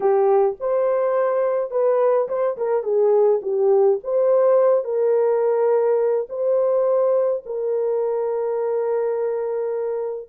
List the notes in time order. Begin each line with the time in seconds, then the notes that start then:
0.00 G4
0.59 C5
1.70 B4
2.28 C5
2.57 A#4
2.83 G#4
3.42 G4
4.03 C5
4.84 A#4
6.29 C5
7.45 A#4